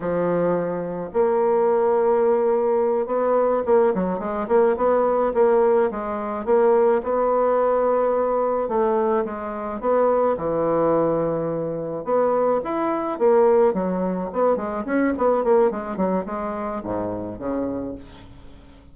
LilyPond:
\new Staff \with { instrumentName = "bassoon" } { \time 4/4 \tempo 4 = 107 f2 ais2~ | ais4. b4 ais8 fis8 gis8 | ais8 b4 ais4 gis4 ais8~ | ais8 b2. a8~ |
a8 gis4 b4 e4.~ | e4. b4 e'4 ais8~ | ais8 fis4 b8 gis8 cis'8 b8 ais8 | gis8 fis8 gis4 gis,4 cis4 | }